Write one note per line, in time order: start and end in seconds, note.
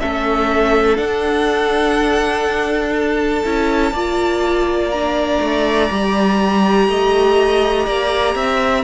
0.00 0.98 A3
0.00 0.96 C#4
0.00 3.93 A4
0.00 0.97 E5
0.96 3.42 D4
0.96 3.44 D4
0.96 2.94 F#5
2.95 4.91 A5
3.44 3.92 C#4
3.44 3.94 E4
3.92 5.40 A#3
3.92 4.93 F4
3.92 6.88 D5
4.91 5.91 D4
4.91 8.84 A#5
5.41 5.90 A3
5.91 6.88 G3
5.91 8.84 G4
6.88 7.87 A3
6.88 7.86 D#5
7.86 8.35 A#3
7.86 8.35 D5
8.35 8.84 C4
8.35 8.84 E5